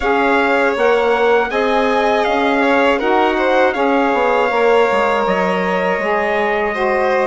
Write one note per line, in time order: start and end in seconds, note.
0.00 0.75 C#4
0.00 0.77 G#4
0.00 1.47 C#5
0.00 0.74 F5
0.76 1.50 A#3
0.76 1.50 A#4
0.76 1.50 F#5
1.50 2.25 C4
1.50 3.00 G#4
1.50 2.61 D#5
1.50 2.24 G#5
2.24 3.00 C#4
2.24 2.99 F5
2.61 2.99 C#5
2.99 3.75 D#4
2.99 3.73 F#4
2.99 3.36 A#4
2.99 3.73 F#5
3.37 3.74 C5
3.73 4.13 C#4
3.73 4.48 G#4
3.73 6.74 C#5
3.73 5.23 F5
4.13 4.50 B3
4.50 4.87 A#3
4.50 6.01 A#4
4.91 5.26 G#3
5.26 5.98 F#3
5.26 7.27 D#5
5.98 7.27 G#3
5.98 6.72 G#4
6.72 7.27 F#4
6.72 7.27 C5